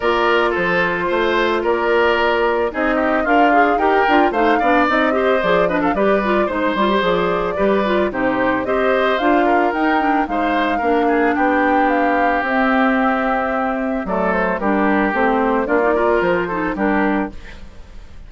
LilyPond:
<<
  \new Staff \with { instrumentName = "flute" } { \time 4/4 \tempo 4 = 111 d''4 c''2 d''4~ | d''4 dis''4 f''4 g''4 | f''4 dis''4 d''8 dis''16 f''16 d''4 | c''4 d''2 c''4 |
dis''4 f''4 g''4 f''4~ | f''4 g''4 f''4 e''4~ | e''2 d''8 c''8 ais'4 | c''4 d''4 c''4 ais'4 | }
  \new Staff \with { instrumentName = "oboe" } { \time 4/4 ais'4 a'4 c''4 ais'4~ | ais'4 gis'8 g'8 f'4 ais'4 | c''8 d''4 c''4 b'16 a'16 b'4 | c''2 b'4 g'4 |
c''4. ais'4. c''4 | ais'8 gis'8 g'2.~ | g'2 a'4 g'4~ | g'4 f'8 ais'4 a'8 g'4 | }
  \new Staff \with { instrumentName = "clarinet" } { \time 4/4 f'1~ | f'4 dis'4 ais'8 gis'8 g'8 f'8 | dis'8 d'8 dis'8 g'8 gis'8 d'8 g'8 f'8 | dis'8 f'16 g'16 gis'4 g'8 f'8 dis'4 |
g'4 f'4 dis'8 d'8 dis'4 | d'2. c'4~ | c'2 a4 d'4 | c'4 d'16 dis'16 f'4 dis'8 d'4 | }
  \new Staff \with { instrumentName = "bassoon" } { \time 4/4 ais4 f4 a4 ais4~ | ais4 c'4 d'4 dis'8 d'8 | a8 b8 c'4 f4 g4 | gis8 g8 f4 g4 c4 |
c'4 d'4 dis'4 gis4 | ais4 b2 c'4~ | c'2 fis4 g4 | a4 ais4 f4 g4 | }
>>